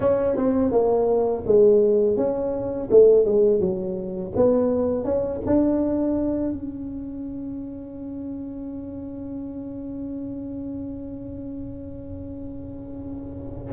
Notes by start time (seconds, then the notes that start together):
0.00 C#4
0.36 C4
0.71 A#3
1.46 G#3
2.17 C#4
2.90 A3
3.25 G#3
3.60 F#3
4.35 B3
5.04 C#4
5.46 D4
6.52 C#4